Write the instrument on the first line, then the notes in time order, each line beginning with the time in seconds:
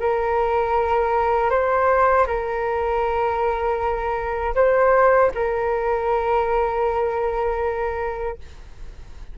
flute
0.00 A#4
1.50 C5
2.26 A#4
4.55 C5
5.34 A#4